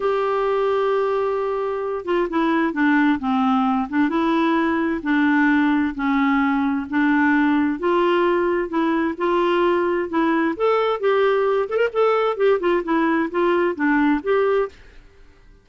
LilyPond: \new Staff \with { instrumentName = "clarinet" } { \time 4/4 \tempo 4 = 131 g'1~ | g'8 f'8 e'4 d'4 c'4~ | c'8 d'8 e'2 d'4~ | d'4 cis'2 d'4~ |
d'4 f'2 e'4 | f'2 e'4 a'4 | g'4. a'16 ais'16 a'4 g'8 f'8 | e'4 f'4 d'4 g'4 | }